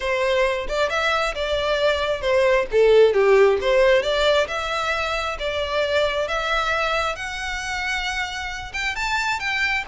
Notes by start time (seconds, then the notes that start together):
0.00 C5
0.68 D5
0.89 E5
1.35 D5
2.21 C5
2.71 A4
3.13 G4
3.61 C5
4.02 D5
4.47 E5
5.39 D5
6.28 E5
7.15 F#5
8.73 G5
8.95 A5
9.39 G5